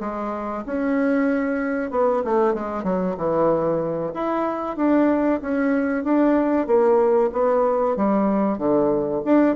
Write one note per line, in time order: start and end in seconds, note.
0.00 0.64 G#3
0.66 1.91 C#4
1.91 2.23 B3
2.24 2.54 A3
2.54 2.83 G#3
2.83 3.15 F#3
3.17 4.13 E3
4.14 4.76 E4
4.76 5.40 D4
5.41 6.04 C#4
6.04 6.66 D4
6.66 7.30 A#3
7.32 7.96 B3
7.96 8.58 G3
8.58 9.21 D3
9.24 9.56 D4